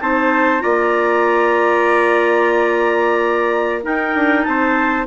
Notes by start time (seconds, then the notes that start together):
0.00 C4 D#4 C5 A5
0.60 A#3 F4 D5 A#5
3.83 D#4 A#4 G5
4.15 D4
4.43 C4 C5 A5